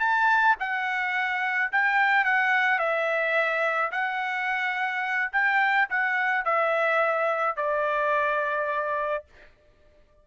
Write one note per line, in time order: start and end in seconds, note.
0.00 0.56 A5
0.60 1.72 F#5
1.73 2.25 G5
2.25 2.79 F#5
2.79 3.92 E5
3.92 5.32 F#5
5.33 5.89 G5
5.90 6.45 F#5
6.45 7.57 E5
7.57 9.25 D5